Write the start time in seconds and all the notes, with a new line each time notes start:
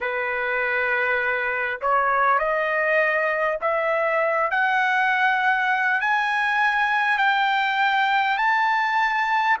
0.00 B4
1.81 C#5
2.38 D#5
3.61 E5
4.50 F#5
6.00 G#5
7.18 G5
8.37 A5